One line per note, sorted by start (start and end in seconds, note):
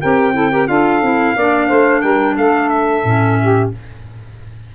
0.00 0.68 C4
0.00 0.33 G4
0.00 0.34 A#4
0.00 0.67 G5
0.33 0.50 E4
0.33 0.51 A4
0.51 0.67 G4
0.51 0.67 A#4
0.67 1.02 D4
0.67 1.01 F4
0.67 1.35 A4
0.67 2.01 F5
1.02 1.35 C4
1.02 1.36 E4
1.35 1.69 A#3
1.35 3.04 D4
1.35 1.67 D5
1.67 2.03 A3
1.67 2.01 C5
2.01 2.37 G3
2.01 2.35 A#4
2.01 2.35 G5
2.37 3.04 A3
2.37 3.40 A4
2.37 2.69 F5
2.69 3.70 E5
3.04 3.71 A2
3.04 3.71 C#4
3.41 3.74 G4